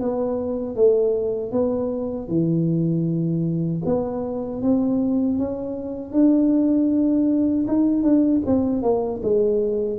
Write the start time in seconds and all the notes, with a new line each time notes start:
0.00 B3
0.76 A3
1.51 B3
2.28 E3
3.85 B3
4.62 C4
5.38 C#4
6.12 D4
7.67 D#4
8.02 D4
8.46 C4
8.83 A#3
9.23 G#3